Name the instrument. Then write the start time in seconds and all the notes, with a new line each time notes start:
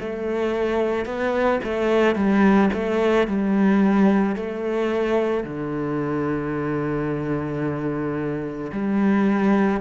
cello
0.00 A3
1.05 B3
1.64 A3
2.16 G3
2.74 A3
3.27 G3
4.36 A3
5.44 D3
8.72 G3